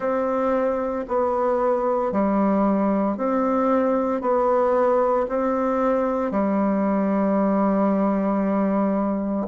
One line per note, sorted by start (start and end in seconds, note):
0.00 1.05 C4
1.08 2.11 B3
2.11 3.17 G3
3.17 4.21 C4
4.21 5.26 B3
5.28 6.31 C4
6.31 9.47 G3